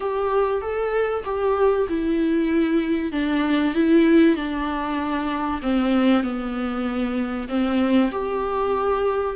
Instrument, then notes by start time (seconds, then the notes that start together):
viola
0.00 G4
0.61 A4
1.24 G4
1.88 E4
3.12 D4
3.74 E4
4.36 D4
5.61 C4
6.23 B3
7.48 C4
8.11 G4